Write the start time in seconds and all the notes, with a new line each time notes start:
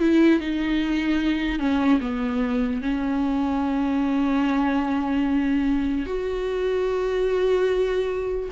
0.00 E4
0.40 D#4
1.60 C#4
2.01 B3
2.82 C#4
6.06 F#4